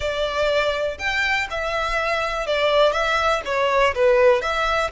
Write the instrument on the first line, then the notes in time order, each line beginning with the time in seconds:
violin
0.00 D5
0.98 G5
1.50 E5
2.46 D5
2.92 E5
3.45 C#5
3.94 B4
4.42 E5